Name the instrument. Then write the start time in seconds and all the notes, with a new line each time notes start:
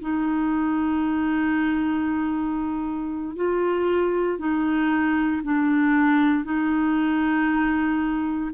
clarinet
0.00 D#4
3.35 F4
4.38 D#4
5.43 D4
6.44 D#4